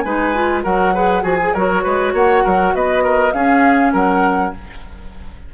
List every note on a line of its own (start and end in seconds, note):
0.00 0.65 G#3
0.00 0.35 D#4
0.00 0.64 B4
0.00 0.60 G#5
0.35 0.64 F4
0.64 1.24 F#3
0.64 0.94 F#4
0.64 0.94 A#4
0.64 1.24 F#5
0.94 1.23 G#4
0.94 1.23 B4
1.23 1.54 F3
1.23 1.38 F#4
1.23 1.53 G#4
1.23 1.54 G#5
1.41 1.56 G#4
1.54 1.85 F#3
1.54 3.33 F#4
1.54 1.83 A#4
1.54 2.14 C#5
1.83 2.14 G#3
1.83 2.14 B4
2.14 2.44 A#3
2.14 2.44 C#5
2.14 2.75 F#5
2.44 2.75 F#3
2.44 2.74 A#4
2.75 3.34 B3
2.75 3.04 B4
2.75 3.32 D#5
3.04 3.34 A#4
3.32 4.53 C#4
3.32 3.94 C#4
3.32 3.93 G#4
3.32 3.92 F5
3.93 4.54 F#3
3.93 4.53 A#4
3.93 4.54 F#5